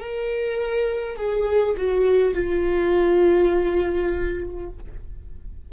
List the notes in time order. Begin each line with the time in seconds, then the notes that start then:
0.00 A#4
1.17 G#4
1.77 F#4
2.34 F4